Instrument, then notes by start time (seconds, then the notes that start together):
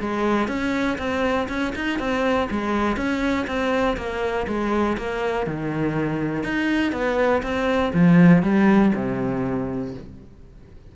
cello
0.00 G#3
0.48 C#4
0.98 C4
1.49 C#4
1.75 D#4
1.99 C4
2.51 G#3
2.97 C#4
3.47 C4
3.97 A#3
4.47 G#3
4.98 A#3
5.47 D#3
6.43 D#4
6.92 B3
7.43 C4
7.93 F3
8.43 G3
8.95 C3